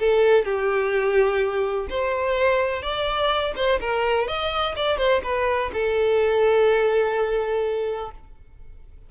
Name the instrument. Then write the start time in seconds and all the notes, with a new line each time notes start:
violin
0.00 A4
0.45 G4
1.90 C5
2.82 D5
3.56 C5
3.81 A#4
4.28 D#5
4.76 D5
4.98 C5
5.24 B4
5.73 A4